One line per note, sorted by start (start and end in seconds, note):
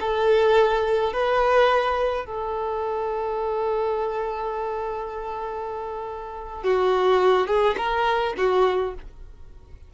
0.00 1.13 A4
1.13 2.26 B4
2.26 6.63 A4
6.63 7.47 F#4
7.47 7.75 G#4
7.77 8.34 A#4
8.37 8.94 F#4